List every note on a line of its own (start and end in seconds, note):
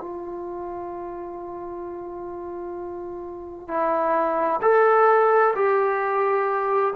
0.00 3.68 F4
3.68 4.60 E4
4.62 5.54 A4
5.55 6.94 G4